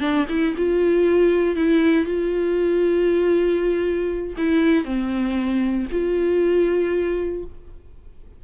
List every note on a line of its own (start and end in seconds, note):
0.00 0.25 D4
0.29 0.54 E4
0.57 1.56 F4
1.56 2.05 E4
2.05 4.34 F4
4.37 4.84 E4
4.84 5.86 C4
5.91 7.44 F4